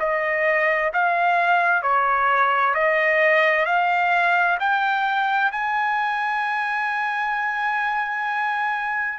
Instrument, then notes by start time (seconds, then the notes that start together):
trumpet
0.00 D#5
0.93 F5
1.83 C#5
2.74 D#5
3.66 F5
4.60 G5
5.52 G#5